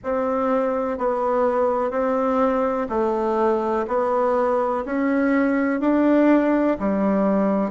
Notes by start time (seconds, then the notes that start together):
0.03 C4
0.98 B3
1.90 C4
2.89 A3
3.87 B3
4.85 C#4
5.80 D4
6.79 G3